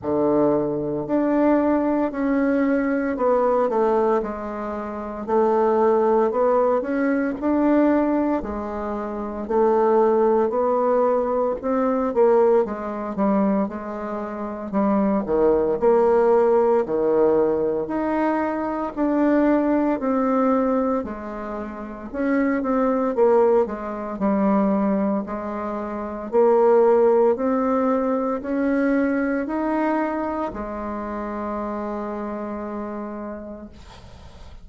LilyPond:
\new Staff \with { instrumentName = "bassoon" } { \time 4/4 \tempo 4 = 57 d4 d'4 cis'4 b8 a8 | gis4 a4 b8 cis'8 d'4 | gis4 a4 b4 c'8 ais8 | gis8 g8 gis4 g8 dis8 ais4 |
dis4 dis'4 d'4 c'4 | gis4 cis'8 c'8 ais8 gis8 g4 | gis4 ais4 c'4 cis'4 | dis'4 gis2. | }